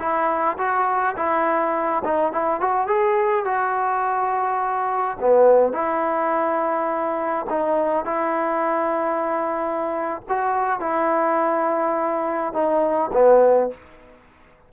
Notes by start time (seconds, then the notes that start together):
0.00 E4
0.58 F#4
1.17 E4
2.05 D#4
2.33 E4
2.61 F#4
2.87 G#4
3.45 F#4
5.21 B3
5.73 E4
7.50 D#4
8.06 E4
10.29 F#4
10.80 E4
12.53 D#4
13.13 B3